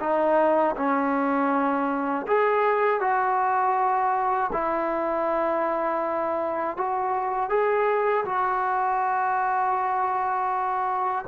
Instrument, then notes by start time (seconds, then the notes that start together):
trombone
0.00 D#4
0.76 C#4
2.27 G#4
3.00 F#4
4.52 E4
6.77 F#4
7.49 G#4
8.25 F#4